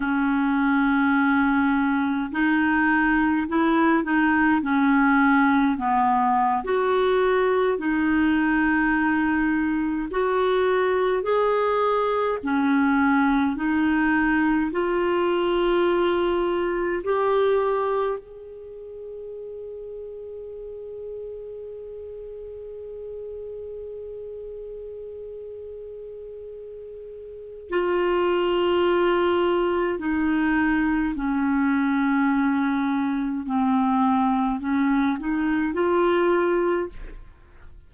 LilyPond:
\new Staff \with { instrumentName = "clarinet" } { \time 4/4 \tempo 4 = 52 cis'2 dis'4 e'8 dis'8 | cis'4 b8. fis'4 dis'4~ dis'16~ | dis'8. fis'4 gis'4 cis'4 dis'16~ | dis'8. f'2 g'4 gis'16~ |
gis'1~ | gis'1 | f'2 dis'4 cis'4~ | cis'4 c'4 cis'8 dis'8 f'4 | }